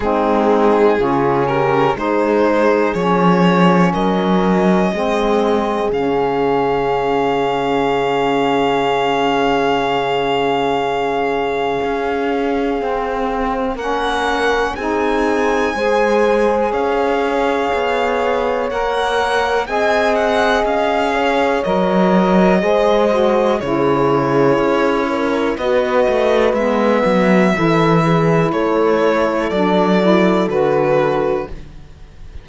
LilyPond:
<<
  \new Staff \with { instrumentName = "violin" } { \time 4/4 \tempo 4 = 61 gis'4. ais'8 c''4 cis''4 | dis''2 f''2~ | f''1~ | f''2 fis''4 gis''4~ |
gis''4 f''2 fis''4 | gis''8 fis''8 f''4 dis''2 | cis''2 dis''4 e''4~ | e''4 cis''4 d''4 b'4 | }
  \new Staff \with { instrumentName = "horn" } { \time 4/4 dis'4 f'8 g'8 gis'2 | ais'4 gis'2.~ | gis'1~ | gis'2 ais'4 gis'4 |
c''4 cis''2. | dis''4. cis''4. c''4 | gis'4. ais'8 b'2 | a'8 gis'8 a'2. | }
  \new Staff \with { instrumentName = "saxophone" } { \time 4/4 c'4 cis'4 dis'4 cis'4~ | cis'4 c'4 cis'2~ | cis'1~ | cis'4 c'4 cis'4 dis'4 |
gis'2. ais'4 | gis'2 ais'4 gis'8 fis'8 | e'2 fis'4 b4 | e'2 d'8 e'8 fis'4 | }
  \new Staff \with { instrumentName = "cello" } { \time 4/4 gis4 cis4 gis4 f4 | fis4 gis4 cis2~ | cis1 | cis'4 c'4 ais4 c'4 |
gis4 cis'4 b4 ais4 | c'4 cis'4 fis4 gis4 | cis4 cis'4 b8 a8 gis8 fis8 | e4 a4 fis4 d4 | }
>>